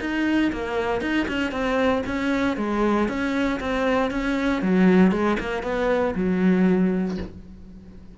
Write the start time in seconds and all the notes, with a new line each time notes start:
0.00 D#4
0.52 A#3
1.01 D#4
1.28 C#4
1.51 C4
2.06 C#4
2.57 G#3
3.08 C#4
3.59 C4
4.10 C#4
4.62 F#3
5.11 G#3
5.39 A#3
5.62 B3
6.15 F#3